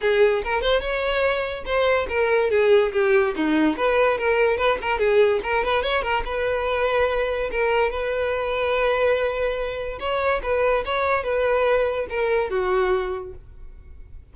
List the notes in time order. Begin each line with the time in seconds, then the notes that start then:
0.01 G#4
0.43 A#4
0.61 C5
0.80 C#5
1.65 C5
2.09 A#4
2.50 G#4
2.92 G4
3.36 D#4
3.76 B4
4.17 A#4
4.57 B4
4.81 A#4
4.98 G#4
5.43 A#4
5.64 B4
5.82 C#5
6.02 A#4
6.25 B4
7.51 A#4
7.90 B4
9.99 C#5
10.42 B4
10.85 C#5
11.23 B4
12.09 A#4
12.50 F#4